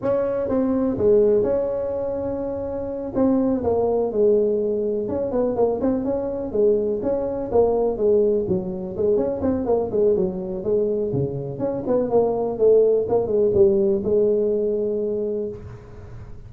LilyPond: \new Staff \with { instrumentName = "tuba" } { \time 4/4 \tempo 4 = 124 cis'4 c'4 gis4 cis'4~ | cis'2~ cis'8 c'4 ais8~ | ais8 gis2 cis'8 b8 ais8 | c'8 cis'4 gis4 cis'4 ais8~ |
ais8 gis4 fis4 gis8 cis'8 c'8 | ais8 gis8 fis4 gis4 cis4 | cis'8 b8 ais4 a4 ais8 gis8 | g4 gis2. | }